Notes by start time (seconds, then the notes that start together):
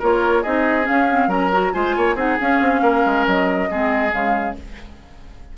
0.00 A#3 F4 A#4 C#5
0.43 C4 D#4 G#4 D#5
0.83 C#4 F5
0.89 C#4
1.11 C4
1.28 F#3 C#4 A#4 A#5
1.53 F#4
1.73 G#3 F4 C5 G#5
1.97 A#3 C#5
2.16 C4 D#4 G#4 F#5
2.40 C#4 F5
2.61 C4
2.82 A#3 A#4
3.06 G#3
3.27 F#3 D#5
3.71 G#3 C4 G#4
4.11 C#3 G#3 F5